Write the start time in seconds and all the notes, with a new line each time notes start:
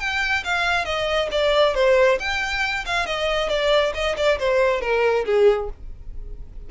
0.00 G5
0.44 F5
0.85 D#5
1.32 D5
1.75 C5
2.20 G5
2.86 F5
3.06 D#5
3.49 D5
3.94 D#5
4.17 D5
4.39 C5
4.81 A#4
5.26 G#4